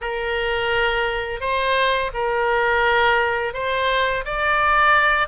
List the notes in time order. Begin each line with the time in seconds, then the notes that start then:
0.01 A#4
1.40 C5
2.13 A#4
3.53 C5
4.24 D5